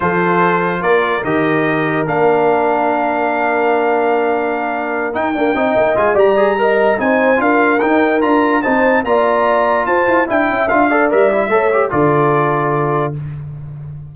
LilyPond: <<
  \new Staff \with { instrumentName = "trumpet" } { \time 4/4 \tempo 4 = 146 c''2 d''4 dis''4~ | dis''4 f''2.~ | f''1~ | f''8 g''2 gis''8 ais''4~ |
ais''4 gis''4 f''4 g''4 | ais''4 a''4 ais''2 | a''4 g''4 f''4 e''4~ | e''4 d''2. | }
  \new Staff \with { instrumentName = "horn" } { \time 4/4 a'2 ais'2~ | ais'1~ | ais'1~ | ais'4. dis''4. d''4 |
dis''4 c''4 ais'2~ | ais'4 c''4 d''2 | c''4 e''4. d''4. | cis''4 a'2. | }
  \new Staff \with { instrumentName = "trombone" } { \time 4/4 f'2. g'4~ | g'4 d'2.~ | d'1~ | d'8 dis'8 ais8 dis'4 f'8 g'8 gis'8 |
ais'4 dis'4 f'4 dis'4 | f'4 dis'4 f'2~ | f'4 e'4 f'8 a'8 ais'8 e'8 | a'8 g'8 f'2. | }
  \new Staff \with { instrumentName = "tuba" } { \time 4/4 f2 ais4 dis4~ | dis4 ais2.~ | ais1~ | ais8 dis'8 d'8 c'8 ais8 gis8 g4~ |
g4 c'4 d'4 dis'4 | d'4 c'4 ais2 | f'8 e'8 d'8 cis'8 d'4 g4 | a4 d2. | }
>>